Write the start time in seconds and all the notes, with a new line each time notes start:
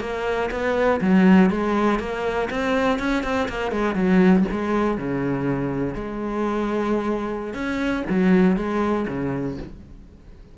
0.00 A#3
0.50 B3
1.01 F#3
1.50 G#3
1.99 A#3
2.50 C4
2.99 C#4
3.23 C4
3.48 A#3
3.71 G#3
3.94 F#3
4.51 G#3
4.97 C#3
5.94 G#3
7.54 C#4
8.09 F#3
8.56 G#3
9.08 C#3